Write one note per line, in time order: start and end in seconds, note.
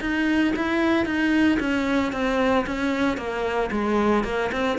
0.00 0.53 D#4
0.56 1.05 E4
1.05 1.58 D#4
1.59 2.12 C#4
2.12 2.65 C4
2.66 3.17 C#4
3.17 3.70 A#3
3.71 4.24 G#3
4.24 4.50 A#3
4.52 4.78 C4